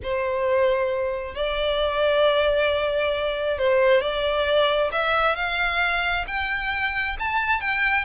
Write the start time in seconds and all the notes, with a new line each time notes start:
0.02 C5
1.34 D5
3.58 C5
4.01 D5
4.92 E5
5.35 F5
6.27 G5
7.19 A5
7.60 G5